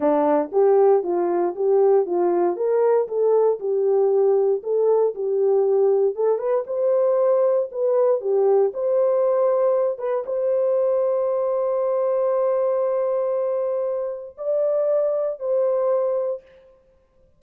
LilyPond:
\new Staff \with { instrumentName = "horn" } { \time 4/4 \tempo 4 = 117 d'4 g'4 f'4 g'4 | f'4 ais'4 a'4 g'4~ | g'4 a'4 g'2 | a'8 b'8 c''2 b'4 |
g'4 c''2~ c''8 b'8 | c''1~ | c''1 | d''2 c''2 | }